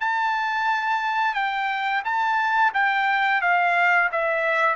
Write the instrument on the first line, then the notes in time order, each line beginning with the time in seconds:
trumpet
0.00 A5
1.34 G5
2.05 A5
2.74 G5
3.41 F5
4.12 E5